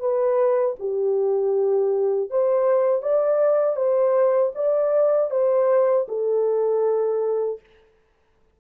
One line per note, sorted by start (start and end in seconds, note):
0.00 0.76 B4
0.79 2.30 G4
2.30 3.02 C5
3.02 3.76 D5
3.76 4.52 C5
4.55 5.31 D5
5.31 6.07 C5
6.08 7.60 A4